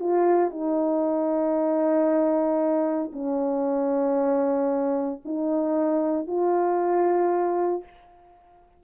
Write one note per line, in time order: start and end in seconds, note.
0.00 0.51 F4
0.51 3.12 D#4
3.13 5.22 C#4
5.26 6.27 D#4
6.27 7.84 F4